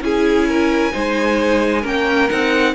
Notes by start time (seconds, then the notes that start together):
0.00 C#4 E4 G#4 G#5
0.48 A#4
0.91 G#3 D#4 C5
1.81 A#3 C#4 A#4 G5
2.29 C4 D#4 F#5